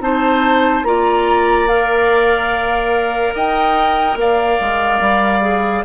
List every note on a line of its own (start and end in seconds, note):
0.00 0.83 C4
0.00 0.85 D#4
0.00 0.87 C5
0.00 0.84 A5
0.83 3.33 A#3
0.83 1.69 F4
0.83 3.34 D5
0.83 1.68 A#5
1.68 5.42 A#4
1.68 3.35 F5
3.34 4.16 D#4
3.34 4.17 D#5
3.34 4.18 G5
4.16 4.57 A#3
4.16 5.85 D5
4.16 5.85 F5
4.60 5.00 G#3
5.00 5.84 G3
5.42 5.84 G#4